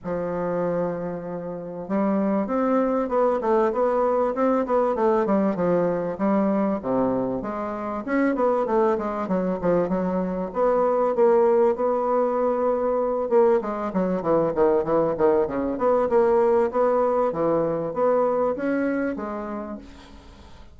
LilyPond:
\new Staff \with { instrumentName = "bassoon" } { \time 4/4 \tempo 4 = 97 f2. g4 | c'4 b8 a8 b4 c'8 b8 | a8 g8 f4 g4 c4 | gis4 cis'8 b8 a8 gis8 fis8 f8 |
fis4 b4 ais4 b4~ | b4. ais8 gis8 fis8 e8 dis8 | e8 dis8 cis8 b8 ais4 b4 | e4 b4 cis'4 gis4 | }